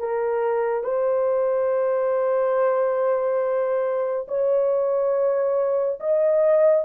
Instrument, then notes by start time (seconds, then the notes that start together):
horn
0.00 A#4
0.84 C5
4.29 C#5
6.00 D#5